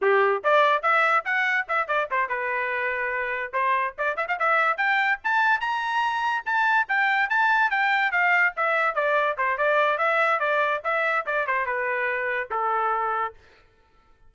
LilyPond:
\new Staff \with { instrumentName = "trumpet" } { \time 4/4 \tempo 4 = 144 g'4 d''4 e''4 fis''4 | e''8 d''8 c''8 b'2~ b'8~ | b'8 c''4 d''8 e''16 f''16 e''4 g''8~ | g''8 a''4 ais''2 a''8~ |
a''8 g''4 a''4 g''4 f''8~ | f''8 e''4 d''4 c''8 d''4 | e''4 d''4 e''4 d''8 c''8 | b'2 a'2 | }